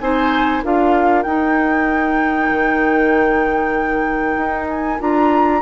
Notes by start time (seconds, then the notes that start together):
0.00 C4 D#4 C5 G#5
0.63 D4 F4 A#4 F5
1.23 D#4 G5
2.50 D#3
4.36 D#4
4.69 G#5
5.00 D4 F4 A#5